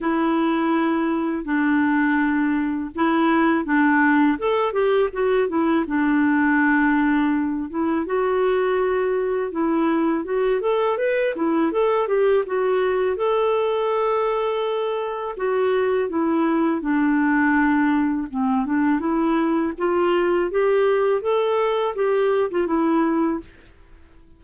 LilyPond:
\new Staff \with { instrumentName = "clarinet" } { \time 4/4 \tempo 4 = 82 e'2 d'2 | e'4 d'4 a'8 g'8 fis'8 e'8 | d'2~ d'8 e'8 fis'4~ | fis'4 e'4 fis'8 a'8 b'8 e'8 |
a'8 g'8 fis'4 a'2~ | a'4 fis'4 e'4 d'4~ | d'4 c'8 d'8 e'4 f'4 | g'4 a'4 g'8. f'16 e'4 | }